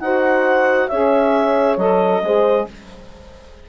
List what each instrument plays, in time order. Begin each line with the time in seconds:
0.00 bassoon D#4, saxophone F#4, horn C5, clarinet F#5
0.88 bassoon C#4, saxophone G#4, horn C#5, clarinet E5
1.77 bassoon F#3, saxophone A4, clarinet D#5
2.22 bassoon G#3, saxophone G#4, horn C5